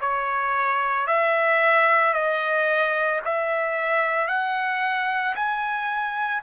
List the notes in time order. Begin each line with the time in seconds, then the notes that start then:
0.00 C#5
1.07 E5
2.13 D#5
3.24 E5
4.28 F#5
5.35 G#5